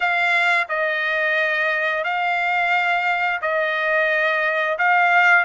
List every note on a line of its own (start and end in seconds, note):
0.00 0.67 F5
0.68 2.04 D#5
2.04 3.40 F5
3.41 4.78 D#5
4.78 5.45 F5